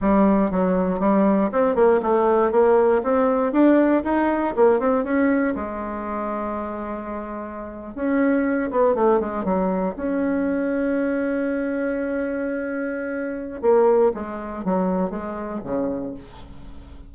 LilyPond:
\new Staff \with { instrumentName = "bassoon" } { \time 4/4 \tempo 4 = 119 g4 fis4 g4 c'8 ais8 | a4 ais4 c'4 d'4 | dis'4 ais8 c'8 cis'4 gis4~ | gis2.~ gis8. cis'16~ |
cis'4~ cis'16 b8 a8 gis8 fis4 cis'16~ | cis'1~ | cis'2. ais4 | gis4 fis4 gis4 cis4 | }